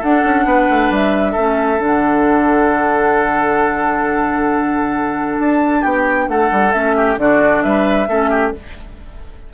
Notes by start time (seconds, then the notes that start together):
0.00 D4 A4 F#5
0.24 C#4
0.45 B3 B4
0.70 A3
0.90 G3 E5
1.32 A3 C#4 A4
1.78 D3 D4 F#5
5.40 D4 A5
5.81 B3 G4 G5
6.28 A3 A4 F#5
6.52 G3
6.73 A3 C#4 E5
6.97 G4
7.17 D3 D4 F#4 D5
7.63 G3 B4 E5
8.08 A3 C#4 A4
8.30 G4